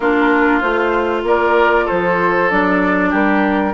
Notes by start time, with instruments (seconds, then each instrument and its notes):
0.00 bassoon A#3, clarinet D4, oboe F4, flute A#4
0.60 bassoon A3, clarinet F4, flute C5
1.23 bassoon A#3, oboe A#4, flute D5
1.85 bassoon F3, oboe A4, flute C5
2.49 bassoon F#3, clarinet D4, flute D5
3.10 bassoon G3, oboe G4, flute A#4